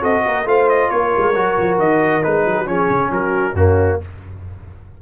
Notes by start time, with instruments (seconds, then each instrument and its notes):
0.00 tuba C4, trombone F#4, horn A4, trumpet D#5
0.25 tuba A#3, horn A#4
0.45 tuba A3, trombone F4, horn C5, trumpet F5
0.69 trumpet D#5
0.90 tuba A#3, horn A#4, trumpet C#5
1.17 tuba G#3
1.35 tuba F#3, trombone F#4
1.58 tuba F3
1.78 tuba D#3, trumpet D#5
2.22 tuba G#3, trombone D#4, trumpet B4
2.45 tuba F#3, horn G#4
2.58 horn F#4
2.66 tuba F3, trombone C#4, horn G#4, trumpet C#5
2.90 tuba C#3
3.11 tuba F#3, horn F#4, trumpet A#4
3.53 tuba F#2, trombone A#3, horn C#4, trumpet F#4